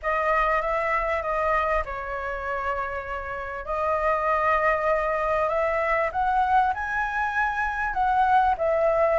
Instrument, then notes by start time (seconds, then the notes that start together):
flute
0.02 D#5
0.61 E5
1.22 D#5
1.85 C#5
3.65 D#5
5.49 E5
6.12 F#5
6.73 G#5
7.93 F#5
8.57 E5